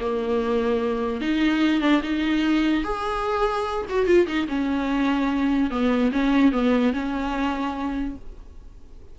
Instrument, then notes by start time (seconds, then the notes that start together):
viola
0.00 A#3
1.21 D#4
1.81 D4
2.03 D#4
2.84 G#4
3.89 F#4
4.06 F4
4.27 D#4
4.48 C#4
5.71 B3
6.12 C#4
6.52 B3
6.93 C#4